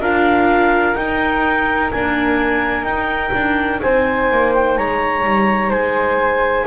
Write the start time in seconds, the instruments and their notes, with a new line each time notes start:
0.00 double bass D4, viola F4, flute A#4, clarinet F5
0.96 viola D#4, double bass D#4, clarinet G5
1.91 viola A#3, double bass D4, clarinet G#5
2.83 double bass D#4, viola D#4, clarinet G5
3.34 double bass D4
3.82 double bass C4, flute C5, clarinet G#5
4.31 double bass A#3
4.54 clarinet G5
4.78 double bass G#3, flute C#5, clarinet A#5
5.25 double bass G3
5.70 double bass G#3, flute C5, clarinet G#5